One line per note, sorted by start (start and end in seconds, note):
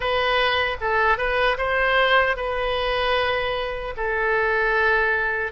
0.00 0.77 B4
0.81 1.17 A4
1.17 1.57 B4
1.57 2.36 C5
2.36 3.94 B4
3.96 5.52 A4